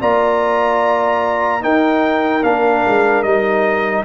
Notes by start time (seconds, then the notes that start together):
0.00 A#3 F4 D5 A#5
1.61 D#4 A#4 G5
2.43 A#3 D4 F5
2.87 G#3
3.22 G3 D#4 D#5